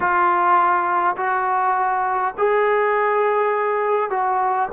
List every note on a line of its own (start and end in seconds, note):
0.00 1.16 F4
1.17 2.34 F#4
2.37 4.10 G#4
4.10 4.68 F#4